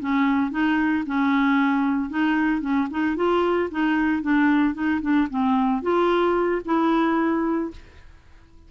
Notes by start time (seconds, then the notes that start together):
0.00 C#4
0.51 D#4
1.06 C#4
2.09 D#4
2.61 C#4
2.90 D#4
3.16 F4
3.71 D#4
4.22 D4
4.74 D#4
5.01 D4
5.30 C4
5.82 F4
6.65 E4